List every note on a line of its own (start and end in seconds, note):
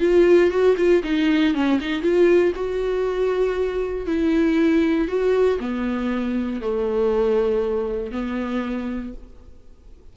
0.00 0.51 F4
0.51 0.76 F#4
0.77 1.03 F4
1.04 1.55 D#4
1.55 1.80 C#4
1.81 2.02 D#4
2.02 2.53 F4
2.56 4.07 F#4
4.07 5.08 E4
5.08 5.59 F#4
5.60 6.61 B3
6.61 8.12 A3
8.12 9.14 B3